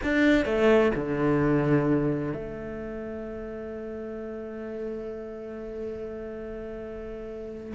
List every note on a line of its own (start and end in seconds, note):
0.03 0.45 D4
0.45 0.92 A3
0.95 2.33 D3
2.33 7.72 A3